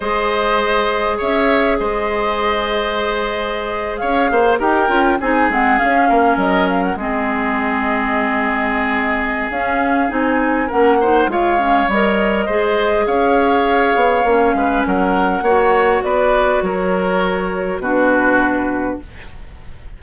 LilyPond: <<
  \new Staff \with { instrumentName = "flute" } { \time 4/4 \tempo 4 = 101 dis''2 e''4 dis''4~ | dis''2~ dis''8. f''4 g''16~ | g''8. gis''8 fis''8 f''4 dis''8 f''16 fis''16 dis''16~ | dis''1 |
f''4 gis''4 fis''4 f''4 | dis''2 f''2~ | f''4 fis''2 d''4 | cis''2 b'2 | }
  \new Staff \with { instrumentName = "oboe" } { \time 4/4 c''2 cis''4 c''4~ | c''2~ c''8. cis''8 c''8 ais'16~ | ais'8. gis'4. ais'4. gis'16~ | gis'1~ |
gis'2 ais'8 c''8 cis''4~ | cis''4 c''4 cis''2~ | cis''8 b'8 ais'4 cis''4 b'4 | ais'2 fis'2 | }
  \new Staff \with { instrumentName = "clarinet" } { \time 4/4 gis'1~ | gis'2.~ gis'8. g'16~ | g'16 f'8 dis'8 c'8 cis'2 c'16~ | c'1 |
cis'4 dis'4 cis'8 dis'8 f'8 cis'8 | ais'4 gis'2. | cis'2 fis'2~ | fis'2 d'2 | }
  \new Staff \with { instrumentName = "bassoon" } { \time 4/4 gis2 cis'4 gis4~ | gis2~ gis8. cis'8 ais8 dis'16~ | dis'16 cis'8 c'8 gis8 cis'8 ais8 fis4 gis16~ | gis1 |
cis'4 c'4 ais4 gis4 | g4 gis4 cis'4. b8 | ais8 gis8 fis4 ais4 b4 | fis2 b,2 | }
>>